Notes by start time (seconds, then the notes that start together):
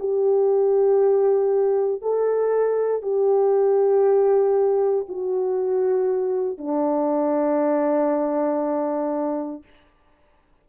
0.00 G4
2.02 A4
3.03 G4
5.09 F#4
6.58 D4